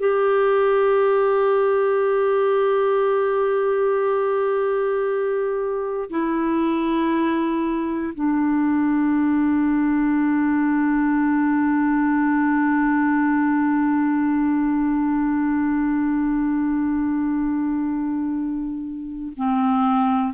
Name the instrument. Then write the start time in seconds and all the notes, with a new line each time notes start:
clarinet
0.00 G4
6.11 E4
8.15 D4
19.37 C4